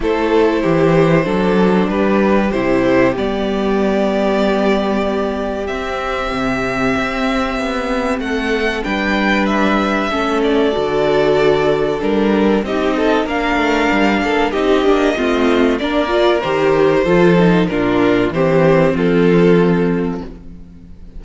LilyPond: <<
  \new Staff \with { instrumentName = "violin" } { \time 4/4 \tempo 4 = 95 c''2. b'4 | c''4 d''2.~ | d''4 e''2.~ | e''4 fis''4 g''4 e''4~ |
e''8 d''2~ d''8 ais'4 | dis''4 f''2 dis''4~ | dis''4 d''4 c''2 | ais'4 c''4 a'2 | }
  \new Staff \with { instrumentName = "violin" } { \time 4/4 a'4 g'4 a'4 g'4~ | g'1~ | g'1~ | g'4 a'4 b'2 |
a'1 | g'8 a'8 ais'4. a'8 g'4 | f'4 ais'2 a'4 | f'4 g'4 f'2 | }
  \new Staff \with { instrumentName = "viola" } { \time 4/4 e'2 d'2 | e'4 b2.~ | b4 c'2.~ | c'2 d'2 |
cis'4 fis'2 d'4 | dis'4 d'2 dis'8 d'8 | c'4 d'8 f'8 g'4 f'8 dis'8 | d'4 c'2. | }
  \new Staff \with { instrumentName = "cello" } { \time 4/4 a4 e4 fis4 g4 | c4 g2.~ | g4 c'4 c4 c'4 | b4 a4 g2 |
a4 d2 g4 | c'4 ais8 a8 g8 ais8 c'8 ais8 | a4 ais4 dis4 f4 | ais,4 e4 f2 | }
>>